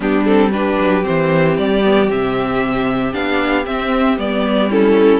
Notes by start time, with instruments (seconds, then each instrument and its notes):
0.00 cello G3, viola B3, violin D4 G4
0.25 viola C4, violin A4
0.51 viola D4, violin G4 B4
0.79 cello F#3
1.02 cello E3, viola C4, violin C5
1.57 cello G3, violin D5
1.84 viola B3
2.07 cello C3, viola C4, violin E5
3.12 cello B3, viola D4, violin F5
3.65 viola C4, cello C4, violin E5
4.17 cello G3, viola B3, violin D5
4.69 viola C#4, violin E4 A4